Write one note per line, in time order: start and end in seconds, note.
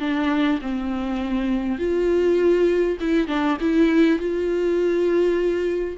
0.00 0.59 D4
0.62 1.79 C4
1.79 2.98 F4
3.01 3.28 E4
3.28 3.57 D4
3.61 4.19 E4
4.19 5.97 F4